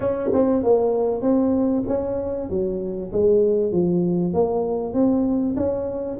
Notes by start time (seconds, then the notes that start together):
0.00 C#4
0.33 C4
0.63 A#3
1.21 C4
1.87 C#4
2.49 F#3
3.12 G#3
3.71 F3
4.33 A#3
4.93 C4
5.56 C#4